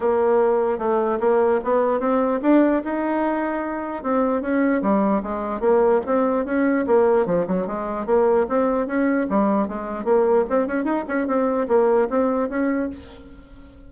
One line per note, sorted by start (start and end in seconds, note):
0.00 0.78 A#3
0.78 1.18 A3
1.20 1.60 A#3
1.64 1.99 B3
1.99 2.40 C4
2.42 2.82 D4
2.84 4.03 D#4
4.03 4.41 C4
4.41 4.81 C#4
4.81 5.22 G3
5.23 5.60 G#3
5.60 6.00 A#3
6.06 6.45 C4
6.45 6.85 C#4
6.87 7.26 A#3
7.26 7.46 F3
7.47 7.66 F#3
7.66 8.06 G#3
8.06 8.46 A#3
8.49 8.86 C4
8.86 9.27 C#4
9.29 9.68 G3
9.68 10.04 G#3
10.04 10.44 A#3
10.49 10.67 C4
10.67 10.84 C#4
10.84 11.04 D#4
11.08 11.27 C#4
11.27 11.67 C4
11.68 12.08 A#3
12.09 12.49 C4
12.49 12.89 C#4